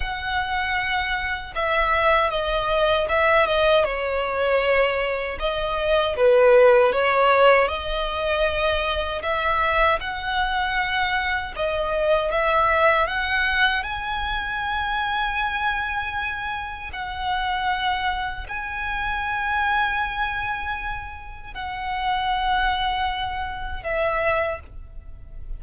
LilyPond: \new Staff \with { instrumentName = "violin" } { \time 4/4 \tempo 4 = 78 fis''2 e''4 dis''4 | e''8 dis''8 cis''2 dis''4 | b'4 cis''4 dis''2 | e''4 fis''2 dis''4 |
e''4 fis''4 gis''2~ | gis''2 fis''2 | gis''1 | fis''2. e''4 | }